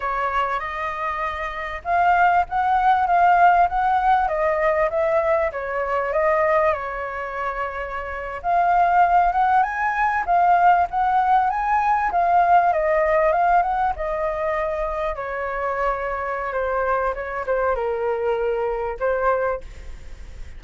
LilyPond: \new Staff \with { instrumentName = "flute" } { \time 4/4 \tempo 4 = 98 cis''4 dis''2 f''4 | fis''4 f''4 fis''4 dis''4 | e''4 cis''4 dis''4 cis''4~ | cis''4.~ cis''16 f''4. fis''8 gis''16~ |
gis''8. f''4 fis''4 gis''4 f''16~ | f''8. dis''4 f''8 fis''8 dis''4~ dis''16~ | dis''8. cis''2~ cis''16 c''4 | cis''8 c''8 ais'2 c''4 | }